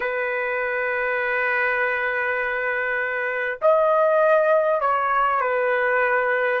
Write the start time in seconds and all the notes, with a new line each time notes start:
0.00 B4
3.61 D#5
4.80 C#5
5.40 B4